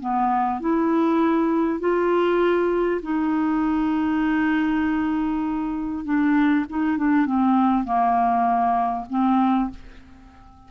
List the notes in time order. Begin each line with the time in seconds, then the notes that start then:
0.00 B3
0.61 E4
1.80 F4
3.02 D#4
6.05 D4
6.70 D#4
6.98 D4
7.26 C4
7.84 A#3
9.10 C4